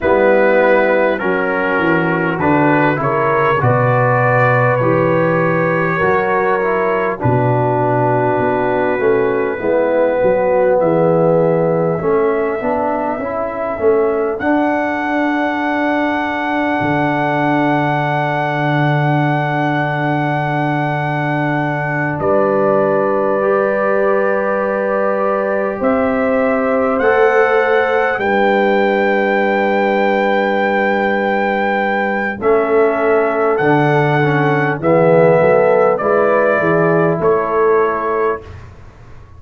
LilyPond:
<<
  \new Staff \with { instrumentName = "trumpet" } { \time 4/4 \tempo 4 = 50 b'4 ais'4 b'8 cis''8 d''4 | cis''2 b'2~ | b'4 e''2. | fis''1~ |
fis''2~ fis''8 d''4.~ | d''4. e''4 fis''4 g''8~ | g''2. e''4 | fis''4 e''4 d''4 cis''4 | }
  \new Staff \with { instrumentName = "horn" } { \time 4/4 e'4 fis'4. ais'8 b'4~ | b'4 ais'4 fis'2 | e'8 fis'8 gis'4 a'2~ | a'1~ |
a'2~ a'8 b'4.~ | b'4. c''2 b'8~ | b'2. a'4~ | a'4 gis'8 a'8 b'8 gis'8 a'4 | }
  \new Staff \with { instrumentName = "trombone" } { \time 4/4 b4 cis'4 d'8 e'8 fis'4 | g'4 fis'8 e'8 d'4. cis'8 | b2 cis'8 d'8 e'8 cis'8 | d'1~ |
d'2.~ d'8 g'8~ | g'2~ g'8 a'4 d'8~ | d'2. cis'4 | d'8 cis'8 b4 e'2 | }
  \new Staff \with { instrumentName = "tuba" } { \time 4/4 g4 fis8 e8 d8 cis8 b,4 | e4 fis4 b,4 b8 a8 | gis8 fis8 e4 a8 b8 cis'8 a8 | d'2 d2~ |
d2~ d8 g4.~ | g4. c'4 a4 g8~ | g2. a4 | d4 e8 fis8 gis8 e8 a4 | }
>>